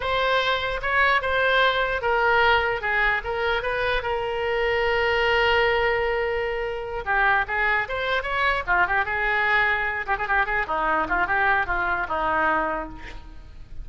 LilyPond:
\new Staff \with { instrumentName = "oboe" } { \time 4/4 \tempo 4 = 149 c''2 cis''4 c''4~ | c''4 ais'2 gis'4 | ais'4 b'4 ais'2~ | ais'1~ |
ais'4. g'4 gis'4 c''8~ | c''8 cis''4 f'8 g'8 gis'4.~ | gis'4 g'16 gis'16 g'8 gis'8 dis'4 f'8 | g'4 f'4 dis'2 | }